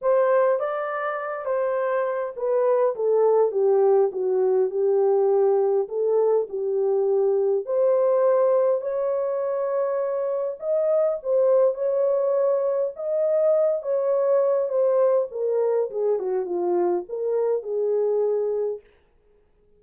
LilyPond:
\new Staff \with { instrumentName = "horn" } { \time 4/4 \tempo 4 = 102 c''4 d''4. c''4. | b'4 a'4 g'4 fis'4 | g'2 a'4 g'4~ | g'4 c''2 cis''4~ |
cis''2 dis''4 c''4 | cis''2 dis''4. cis''8~ | cis''4 c''4 ais'4 gis'8 fis'8 | f'4 ais'4 gis'2 | }